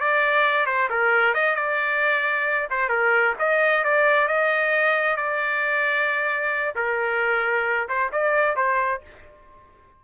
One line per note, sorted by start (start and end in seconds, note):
0.00 0.66 D5
0.66 0.88 C5
0.89 1.34 A#4
1.34 1.55 D#5
1.55 2.68 D5
2.70 2.89 C5
2.89 3.34 A#4
3.39 3.84 D#5
3.84 4.27 D5
4.27 5.16 D#5
5.16 6.74 D5
6.75 7.88 A#4
7.88 8.11 C5
8.12 8.56 D5
8.56 9.01 C5